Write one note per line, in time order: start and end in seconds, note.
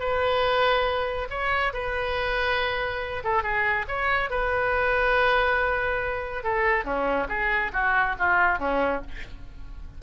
0.00 1.29 B4
1.30 1.73 C#5
1.74 3.24 B4
3.24 3.43 A4
3.43 3.86 G#4
3.88 4.30 C#5
4.30 6.44 B4
6.44 6.85 A4
6.85 7.28 C#4
7.29 7.72 G#4
7.73 8.16 F#4
8.19 8.59 F4
8.59 9.02 C#4